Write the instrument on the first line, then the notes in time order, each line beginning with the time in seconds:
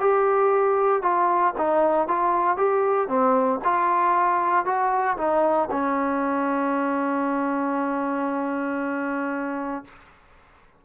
trombone
0.00 G4
1.02 F4
1.58 D#4
2.08 F4
2.57 G4
3.08 C4
3.64 F4
4.65 F#4
5.17 D#4
5.71 C#4